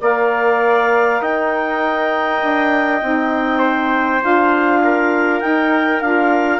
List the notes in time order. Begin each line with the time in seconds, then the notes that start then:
0.00 A#3 A#4 D5 F5
1.21 D#4 D#5 G5
2.42 D4
3.02 C4 D#4
3.58 C5
4.21 D4 F4 F5
4.83 A#4
5.40 D#4 G5
6.00 D4 F4 F5